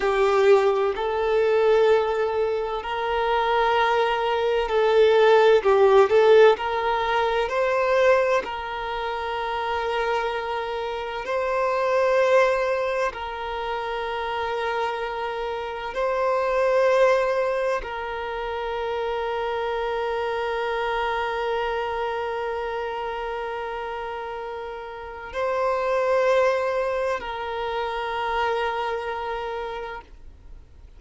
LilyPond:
\new Staff \with { instrumentName = "violin" } { \time 4/4 \tempo 4 = 64 g'4 a'2 ais'4~ | ais'4 a'4 g'8 a'8 ais'4 | c''4 ais'2. | c''2 ais'2~ |
ais'4 c''2 ais'4~ | ais'1~ | ais'2. c''4~ | c''4 ais'2. | }